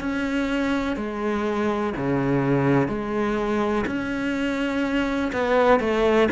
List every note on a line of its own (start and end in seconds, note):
0.00 0.97 C#4
0.97 1.94 G#3
1.97 2.88 C#3
2.88 3.85 G#3
3.87 5.32 C#4
5.33 5.80 B3
5.80 6.29 A3